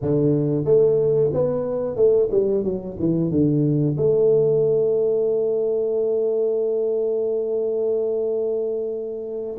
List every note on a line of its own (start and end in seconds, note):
0.01 0.64 D3
0.64 1.30 A3
1.33 1.96 B3
1.96 2.29 A3
2.31 2.63 G3
2.63 2.96 F#3
2.99 3.30 E3
3.30 3.96 D3
3.97 9.57 A3